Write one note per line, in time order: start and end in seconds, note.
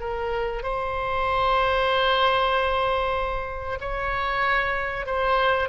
0.00 0.63 A#4
0.63 3.79 C5
3.80 5.06 C#5
5.06 5.69 C5